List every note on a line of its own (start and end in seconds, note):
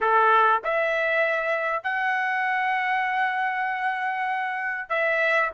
0.00 0.62 A4
0.64 1.83 E5
1.83 4.89 F#5
4.89 5.50 E5